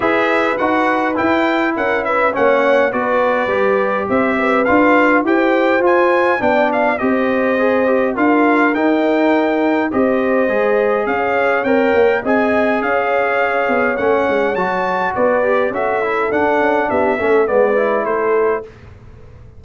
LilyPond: <<
  \new Staff \with { instrumentName = "trumpet" } { \time 4/4 \tempo 4 = 103 e''4 fis''4 g''4 fis''8 e''8 | fis''4 d''2 e''4 | f''4 g''4 gis''4 g''8 f''8 | dis''2 f''4 g''4~ |
g''4 dis''2 f''4 | g''4 gis''4 f''2 | fis''4 a''4 d''4 e''4 | fis''4 e''4 d''4 c''4 | }
  \new Staff \with { instrumentName = "horn" } { \time 4/4 b'2. ais'8 b'8 | cis''4 b'2 c''8 b'8~ | b'4 c''2 d''4 | c''2 ais'2~ |
ais'4 c''2 cis''4~ | cis''4 dis''4 cis''2~ | cis''2 b'4 a'4~ | a'4 g'8 a'8 b'4 a'4 | }
  \new Staff \with { instrumentName = "trombone" } { \time 4/4 gis'4 fis'4 e'2 | cis'4 fis'4 g'2 | f'4 g'4 f'4 d'4 | g'4 gis'8 g'8 f'4 dis'4~ |
dis'4 g'4 gis'2 | ais'4 gis'2. | cis'4 fis'4. g'8 fis'8 e'8 | d'4. cis'8 b8 e'4. | }
  \new Staff \with { instrumentName = "tuba" } { \time 4/4 e'4 dis'4 e'4 cis'4 | ais4 b4 g4 c'4 | d'4 e'4 f'4 b4 | c'2 d'4 dis'4~ |
dis'4 c'4 gis4 cis'4 | c'8 ais8 c'4 cis'4. b8 | a8 gis8 fis4 b4 cis'4 | d'8 cis'8 b8 a8 gis4 a4 | }
>>